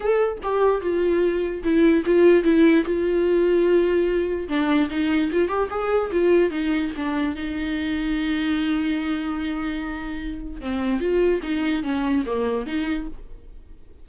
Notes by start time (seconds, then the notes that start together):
0.00 A4
0.42 G4
0.81 F4
1.63 E4
2.05 F4
2.43 E4
2.84 F4
4.48 D4
4.90 D#4
5.32 F4
5.48 G4
5.70 G#4
6.11 F4
6.50 D#4
6.96 D4
7.35 D#4
10.60 C4
11.00 F4
11.42 D#4
11.83 C#4
12.26 A#3
12.66 D#4